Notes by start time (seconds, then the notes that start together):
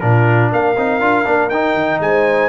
0.00 A#2 D4 F4 A#4
0.52 A#3 A#4 F5
0.77 C4 D#4
1.01 D4 F4
1.25 A#3 D4
1.49 D#4 G5
1.74 D#3
2.00 G#3 C5 G#5